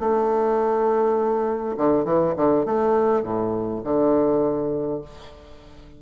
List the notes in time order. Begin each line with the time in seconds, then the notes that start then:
0.00 A3
1.77 D3
2.05 E3
2.36 D3
2.66 A3
3.23 A2
3.84 D3